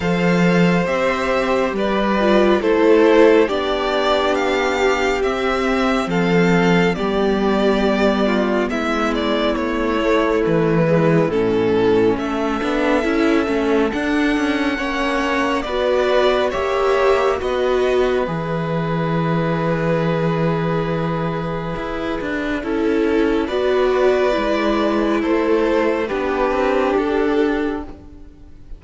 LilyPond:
<<
  \new Staff \with { instrumentName = "violin" } { \time 4/4 \tempo 4 = 69 f''4 e''4 d''4 c''4 | d''4 f''4 e''4 f''4 | d''2 e''8 d''8 cis''4 | b'4 a'4 e''2 |
fis''2 d''4 e''4 | dis''4 e''2.~ | e''2. d''4~ | d''4 c''4 b'4 a'4 | }
  \new Staff \with { instrumentName = "violin" } { \time 4/4 c''2 b'4 a'4 | g'2. a'4 | g'4. f'8 e'2~ | e'2 a'2~ |
a'4 cis''4 b'4 cis''4 | b'1~ | b'2 a'4 b'4~ | b'4 a'4 g'2 | }
  \new Staff \with { instrumentName = "viola" } { \time 4/4 a'4 g'4. f'8 e'4 | d'2 c'2 | b2.~ b8 a8~ | a8 gis8 cis'4. d'8 e'8 cis'8 |
d'4 cis'4 fis'4 g'4 | fis'4 gis'2.~ | gis'2 e'4 fis'4 | e'2 d'2 | }
  \new Staff \with { instrumentName = "cello" } { \time 4/4 f4 c'4 g4 a4 | b2 c'4 f4 | g2 gis4 a4 | e4 a,4 a8 b8 cis'8 a8 |
d'8 cis'8 ais4 b4 ais4 | b4 e2.~ | e4 e'8 d'8 cis'4 b4 | gis4 a4 b8 c'8 d'4 | }
>>